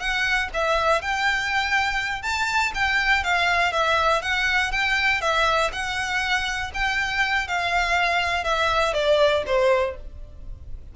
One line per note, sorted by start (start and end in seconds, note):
0.00 0.50 F#5
0.54 1.02 E5
1.02 2.23 G5
2.23 2.73 A5
2.75 3.24 G5
3.24 3.73 F5
3.73 4.22 E5
4.22 4.72 F#5
4.72 5.22 G5
5.22 5.71 E5
5.72 6.72 F#5
6.74 7.48 G5
7.48 8.44 F5
8.44 8.94 E5
8.94 9.43 D5
9.47 9.96 C5